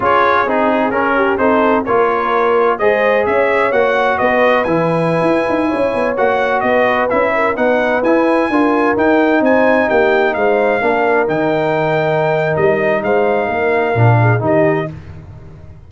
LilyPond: <<
  \new Staff \with { instrumentName = "trumpet" } { \time 4/4 \tempo 4 = 129 cis''4 gis'4 ais'4 c''4 | cis''2 dis''4 e''4 | fis''4 dis''4 gis''2~ | gis''4~ gis''16 fis''4 dis''4 e''8.~ |
e''16 fis''4 gis''2 g''8.~ | g''16 gis''4 g''4 f''4.~ f''16~ | f''16 g''2~ g''8. dis''4 | f''2. dis''4 | }
  \new Staff \with { instrumentName = "horn" } { \time 4/4 gis'2~ gis'8 g'8 a'4 | ais'2 c''4 cis''4~ | cis''4 b'2.~ | b'16 cis''2 b'4. ais'16~ |
ais'16 b'2 ais'4.~ ais'16~ | ais'16 c''4 g'4 c''4 ais'8.~ | ais'1 | c''4 ais'4. gis'8 g'4 | }
  \new Staff \with { instrumentName = "trombone" } { \time 4/4 f'4 dis'4 cis'4 dis'4 | f'2 gis'2 | fis'2 e'2~ | e'4~ e'16 fis'2 e'8.~ |
e'16 dis'4 e'4 f'4 dis'8.~ | dis'2.~ dis'16 d'8.~ | d'16 dis'2.~ dis'8.~ | dis'2 d'4 dis'4 | }
  \new Staff \with { instrumentName = "tuba" } { \time 4/4 cis'4 c'4 cis'4 c'4 | ais2 gis4 cis'4 | ais4 b4 e4~ e16 e'8 dis'16~ | dis'16 cis'8 b8 ais4 b4 cis'8.~ |
cis'16 b4 e'4 d'4 dis'8.~ | dis'16 c'4 ais4 gis4 ais8.~ | ais16 dis2~ dis8. g4 | gis4 ais4 ais,4 dis4 | }
>>